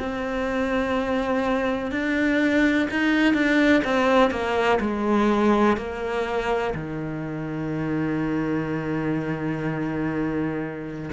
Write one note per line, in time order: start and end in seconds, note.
0.00 1.92 C4
1.92 2.89 D4
2.91 3.34 D#4
3.34 3.83 D4
3.85 4.31 C4
4.31 4.79 A#3
4.81 5.78 G#3
5.78 6.74 A#3
6.75 11.11 D#3